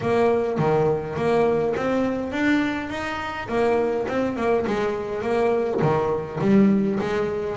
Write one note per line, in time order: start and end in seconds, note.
0.00 0.58 A#3
0.58 1.16 D#3
1.16 1.74 A#3
1.76 2.32 C4
2.32 2.89 D4
2.89 3.48 D#4
3.48 4.06 A#3
4.08 4.36 C4
4.36 4.65 A#3
4.66 5.22 G#3
5.22 5.80 A#3
5.81 6.39 D#3
6.41 6.99 G3
7.00 7.56 G#3